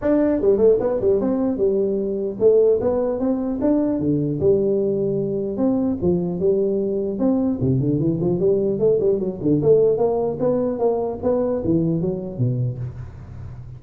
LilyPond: \new Staff \with { instrumentName = "tuba" } { \time 4/4 \tempo 4 = 150 d'4 g8 a8 b8 g8 c'4 | g2 a4 b4 | c'4 d'4 d4 g4~ | g2 c'4 f4 |
g2 c'4 c8 d8 | e8 f8 g4 a8 g8 fis8 d8 | a4 ais4 b4 ais4 | b4 e4 fis4 b,4 | }